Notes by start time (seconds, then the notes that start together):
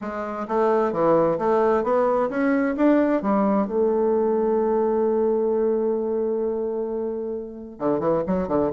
0.01 G#3
0.48 A3
0.92 E3
1.38 A3
1.83 B3
2.29 C#4
2.76 D4
3.22 G3
3.67 A3
7.79 D3
7.99 E3
8.26 F#3
8.48 D3